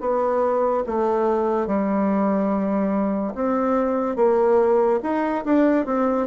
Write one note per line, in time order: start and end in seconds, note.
0.00 0.83 B3
0.86 1.67 A3
1.67 3.33 G3
3.34 4.16 C4
4.16 4.99 A#3
5.02 5.44 D#4
5.45 5.85 D4
5.85 6.27 C4